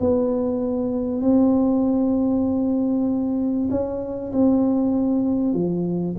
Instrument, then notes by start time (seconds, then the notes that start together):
tuba
0.00 B3
1.21 C4
3.70 C#4
4.32 C4
5.54 F3